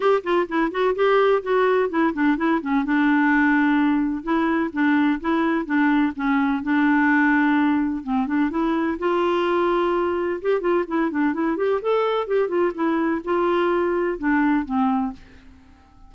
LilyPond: \new Staff \with { instrumentName = "clarinet" } { \time 4/4 \tempo 4 = 127 g'8 f'8 e'8 fis'8 g'4 fis'4 | e'8 d'8 e'8 cis'8 d'2~ | d'4 e'4 d'4 e'4 | d'4 cis'4 d'2~ |
d'4 c'8 d'8 e'4 f'4~ | f'2 g'8 f'8 e'8 d'8 | e'8 g'8 a'4 g'8 f'8 e'4 | f'2 d'4 c'4 | }